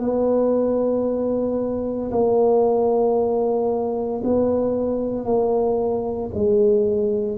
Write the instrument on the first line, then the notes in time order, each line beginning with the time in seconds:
tuba
0.00 B3
2.11 A#3
4.24 B3
5.25 A#3
6.34 G#3